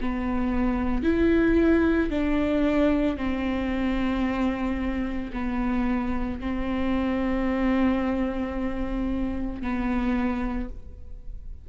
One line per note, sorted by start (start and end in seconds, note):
0.00 1.03 B3
1.03 2.10 E4
2.10 3.17 D4
3.17 5.31 C4
5.32 6.39 B3
6.40 9.61 C4
9.61 10.69 B3